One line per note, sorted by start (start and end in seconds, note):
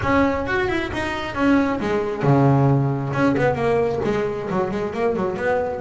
0.02 0.47 C#4
0.47 0.68 F#4
0.68 0.91 E4
0.93 1.35 D#4
1.35 1.79 C#4
1.80 2.22 G#3
2.22 3.12 C#3
3.13 3.35 C#4
3.36 3.55 B3
3.55 4.00 A#3
4.04 4.49 G#3
4.50 4.71 F#3
4.71 4.93 G#3
4.93 5.16 A#3
5.16 5.36 F#3
5.36 5.80 B3